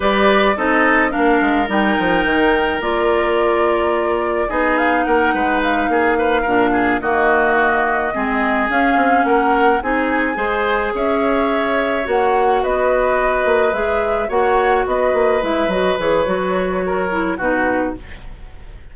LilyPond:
<<
  \new Staff \with { instrumentName = "flute" } { \time 4/4 \tempo 4 = 107 d''4 dis''4 f''4 g''4~ | g''4 d''2. | dis''8 f''8 fis''4 f''2~ | f''8 dis''2. f''8~ |
f''8 fis''4 gis''2 e''8~ | e''4. fis''4 dis''4.~ | dis''8 e''4 fis''4 dis''4 e''8 | dis''8 cis''2~ cis''8 b'4 | }
  \new Staff \with { instrumentName = "oboe" } { \time 4/4 b'4 a'4 ais'2~ | ais'1 | gis'4 ais'8 b'4 gis'8 b'8 ais'8 | gis'8 fis'2 gis'4.~ |
gis'8 ais'4 gis'4 c''4 cis''8~ | cis''2~ cis''8 b'4.~ | b'4. cis''4 b'4.~ | b'2 ais'4 fis'4 | }
  \new Staff \with { instrumentName = "clarinet" } { \time 4/4 g'4 dis'4 d'4 dis'4~ | dis'4 f'2. | dis'2.~ dis'8 d'8~ | d'8 ais2 c'4 cis'8~ |
cis'4. dis'4 gis'4.~ | gis'4. fis'2~ fis'8~ | fis'8 gis'4 fis'2 e'8 | fis'8 gis'8 fis'4. e'8 dis'4 | }
  \new Staff \with { instrumentName = "bassoon" } { \time 4/4 g4 c'4 ais8 gis8 g8 f8 | dis4 ais2. | b4 ais8 gis4 ais4 ais,8~ | ais,8 dis2 gis4 cis'8 |
c'8 ais4 c'4 gis4 cis'8~ | cis'4. ais4 b4. | ais8 gis4 ais4 b8 ais8 gis8 | fis8 e8 fis2 b,4 | }
>>